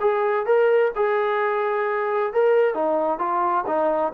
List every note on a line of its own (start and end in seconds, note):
0.00 0.46 G#4
0.46 0.91 A#4
0.96 2.33 G#4
2.33 2.74 A#4
2.74 3.18 D#4
3.18 3.64 F4
3.67 4.12 D#4